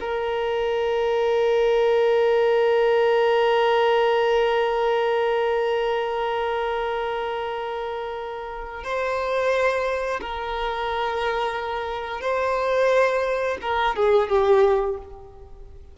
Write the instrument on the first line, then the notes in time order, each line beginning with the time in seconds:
violin
0.00 A#4
8.84 C5
10.21 A#4
12.21 C5
13.61 A#4
13.96 G#4
14.29 G4